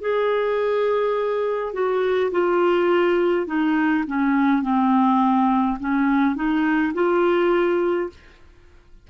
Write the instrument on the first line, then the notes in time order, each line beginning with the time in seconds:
clarinet
0.00 G#4
1.73 F#4
2.31 F4
3.46 D#4
4.06 C#4
4.62 C4
5.79 C#4
6.35 D#4
6.93 F4